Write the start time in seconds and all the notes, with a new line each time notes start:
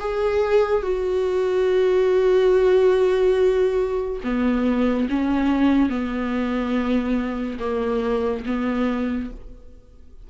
0.00 G#4
0.83 F#4
4.24 B3
5.10 C#4
5.90 B3
7.60 A#3
8.46 B3